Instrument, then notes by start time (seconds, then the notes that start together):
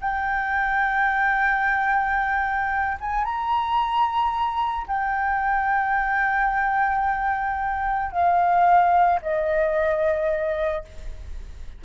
flute
0.00 G5
3.00 G#5
3.24 A#5
4.87 G5
8.11 F5
9.22 D#5